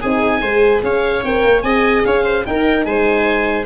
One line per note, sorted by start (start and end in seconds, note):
0.00 0.41 C4
0.00 0.42 D#4
0.00 0.41 G#4
0.00 0.82 G#5
0.41 0.82 G#3
0.41 1.24 G#4
0.41 0.82 C5
0.82 1.23 C#4
0.82 1.64 C#5
0.82 1.24 F5
1.24 1.44 C4
1.24 1.64 A#4
1.24 1.62 G5
1.44 1.63 A#3
1.62 2.03 C4
1.62 2.45 G#4
1.62 2.05 D#5
1.62 2.02 G#5
2.04 2.45 C#4
2.04 2.24 C#5
2.04 2.45 F5
2.24 2.44 C5
2.45 2.85 D#4
2.45 3.65 D#4
2.45 2.86 A#4
2.45 2.85 G5
2.85 3.65 G#3
2.85 3.65 C5
2.85 3.65 G#5